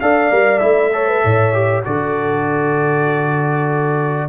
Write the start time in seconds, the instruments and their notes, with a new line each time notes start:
0.00 tuba D4, trombone A4, horn D5, trumpet F5
0.31 tuba G3, trombone A#4
0.59 tuba A3, trombone E4, trumpet E5
0.93 trombone A4, horn C#5
1.07 horn B4
1.23 tuba A2, horn C#5
1.53 trombone G4
1.84 tuba D3, trombone F#4, horn A4, trumpet D5